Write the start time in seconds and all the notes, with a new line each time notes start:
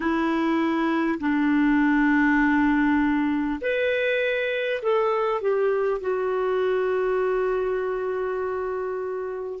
0.00 E4
1.19 D4
3.61 B4
4.82 A4
5.41 G4
6.01 F#4